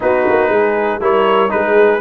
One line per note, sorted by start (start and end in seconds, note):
0.00 0.27 B3
0.00 1.00 D#4
0.00 0.49 F#4
0.00 1.02 B4
0.29 0.49 A#3
0.49 0.99 G#3
0.49 1.00 G#4
1.00 1.50 G3
1.00 1.49 E4
1.00 1.51 A#4
1.00 1.50 C#5
1.49 2.01 G#3
1.49 1.99 D#4
1.49 2.01 G#4
1.49 2.01 B4